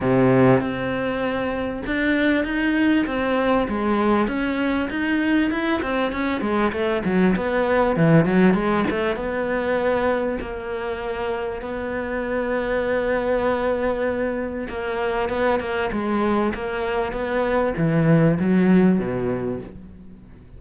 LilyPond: \new Staff \with { instrumentName = "cello" } { \time 4/4 \tempo 4 = 98 c4 c'2 d'4 | dis'4 c'4 gis4 cis'4 | dis'4 e'8 c'8 cis'8 gis8 a8 fis8 | b4 e8 fis8 gis8 a8 b4~ |
b4 ais2 b4~ | b1 | ais4 b8 ais8 gis4 ais4 | b4 e4 fis4 b,4 | }